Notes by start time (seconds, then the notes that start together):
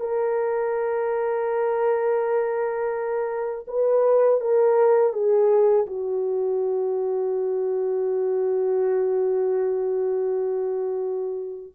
0.00 A#4
3.68 B4
4.41 A#4
5.13 G#4
5.87 F#4